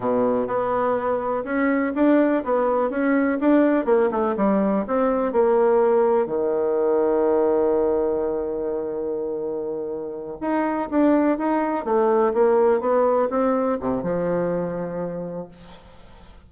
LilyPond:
\new Staff \with { instrumentName = "bassoon" } { \time 4/4 \tempo 4 = 124 b,4 b2 cis'4 | d'4 b4 cis'4 d'4 | ais8 a8 g4 c'4 ais4~ | ais4 dis2.~ |
dis1~ | dis4. dis'4 d'4 dis'8~ | dis'8 a4 ais4 b4 c'8~ | c'8 c8 f2. | }